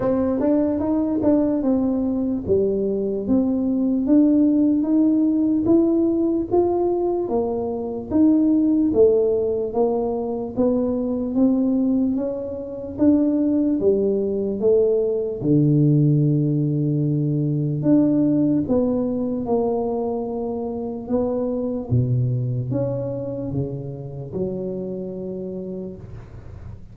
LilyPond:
\new Staff \with { instrumentName = "tuba" } { \time 4/4 \tempo 4 = 74 c'8 d'8 dis'8 d'8 c'4 g4 | c'4 d'4 dis'4 e'4 | f'4 ais4 dis'4 a4 | ais4 b4 c'4 cis'4 |
d'4 g4 a4 d4~ | d2 d'4 b4 | ais2 b4 b,4 | cis'4 cis4 fis2 | }